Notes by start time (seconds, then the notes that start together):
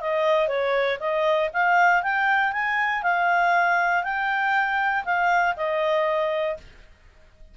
0.00 D#5
0.48 C#5
0.99 D#5
1.53 F5
2.03 G5
2.52 G#5
3.02 F5
4.03 G5
5.04 F5
5.56 D#5